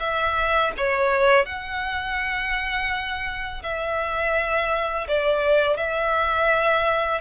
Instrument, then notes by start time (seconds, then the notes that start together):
violin
0.00 E5
0.78 C#5
1.46 F#5
3.63 E5
5.08 D5
5.77 E5